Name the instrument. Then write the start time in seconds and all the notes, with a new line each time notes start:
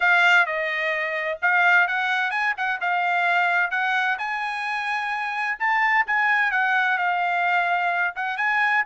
trumpet
0.00 F5
0.45 D#5
1.42 F5
1.87 F#5
2.30 G#5
2.57 F#5
2.80 F5
3.71 F#5
4.18 G#5
5.59 A5
6.07 G#5
6.51 F#5
6.98 F5
8.15 F#5
8.37 G#5